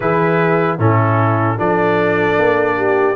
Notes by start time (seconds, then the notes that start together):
0.00 E3 E4 G#4 B4
0.78 A2 C#4 E4 A4
1.57 F3 D4 A4 D5
2.38 A#3
2.76 G4